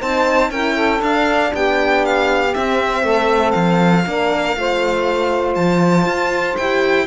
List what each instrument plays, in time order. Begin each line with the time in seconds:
0.00 cello C4, horn D#4, saxophone C5, violin A5
0.50 cello C#4, horn E4, saxophone A#4, violin G5
0.74 saxophone A4
0.99 horn D4, cello D4, violin F5
1.53 cello B3, saxophone G4, violin G5
2.05 violin F5
2.54 horn C4, cello C4, violin E5
3.03 cello A3, saxophone A4
3.51 cello F3, violin F5
4.06 cello A#3, horn D4, saxophone A#4
4.56 cello A3, horn F4, saxophone C5
5.55 cello F3, violin A5
6.06 cello F4
6.57 cello E4, horn G4, violin G5